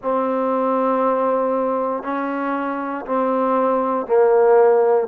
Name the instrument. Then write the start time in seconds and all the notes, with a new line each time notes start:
trombone
0.02 C4
2.03 C#4
3.05 C4
4.06 A#3